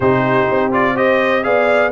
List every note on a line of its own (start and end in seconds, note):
0.00 0.47 C3
0.00 0.72 D#4
0.00 0.95 G4
0.00 0.72 C5
0.50 1.46 C4
0.72 0.95 F4
0.72 0.96 D5
0.95 1.43 G4
0.95 1.43 C5
0.95 1.43 D#5
1.43 1.92 B3
1.43 1.91 G#4
1.43 1.92 D5
1.43 1.91 F5